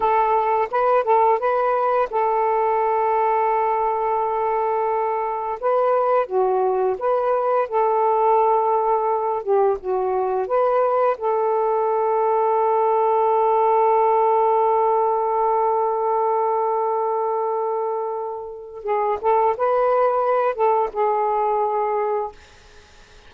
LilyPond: \new Staff \with { instrumentName = "saxophone" } { \time 4/4 \tempo 4 = 86 a'4 b'8 a'8 b'4 a'4~ | a'1 | b'4 fis'4 b'4 a'4~ | a'4. g'8 fis'4 b'4 |
a'1~ | a'1~ | a'2. gis'8 a'8 | b'4. a'8 gis'2 | }